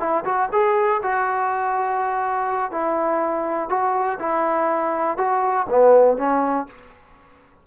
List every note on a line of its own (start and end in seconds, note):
0.00 0.25 E4
0.25 0.49 F#4
0.52 1.01 G#4
1.03 2.71 F#4
2.71 3.70 E4
3.70 4.19 F#4
4.19 5.18 E4
5.18 5.67 F#4
5.69 6.17 B3
6.17 6.67 C#4